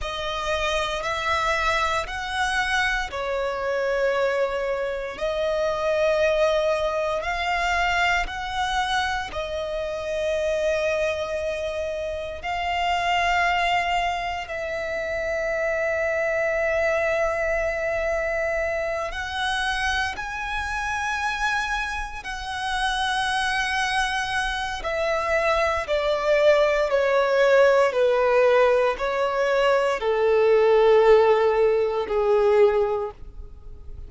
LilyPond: \new Staff \with { instrumentName = "violin" } { \time 4/4 \tempo 4 = 58 dis''4 e''4 fis''4 cis''4~ | cis''4 dis''2 f''4 | fis''4 dis''2. | f''2 e''2~ |
e''2~ e''8 fis''4 gis''8~ | gis''4. fis''2~ fis''8 | e''4 d''4 cis''4 b'4 | cis''4 a'2 gis'4 | }